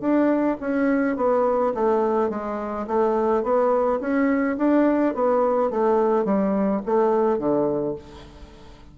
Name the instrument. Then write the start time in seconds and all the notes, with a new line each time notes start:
bassoon
0.00 D4
0.60 C#4
1.16 B3
1.74 A3
2.29 G#3
2.87 A3
3.42 B3
4.00 C#4
4.57 D4
5.14 B3
5.70 A3
6.24 G3
6.85 A3
7.38 D3